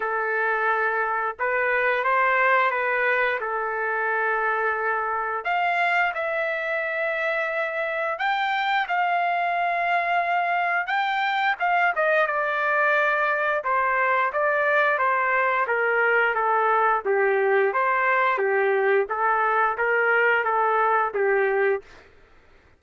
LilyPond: \new Staff \with { instrumentName = "trumpet" } { \time 4/4 \tempo 4 = 88 a'2 b'4 c''4 | b'4 a'2. | f''4 e''2. | g''4 f''2. |
g''4 f''8 dis''8 d''2 | c''4 d''4 c''4 ais'4 | a'4 g'4 c''4 g'4 | a'4 ais'4 a'4 g'4 | }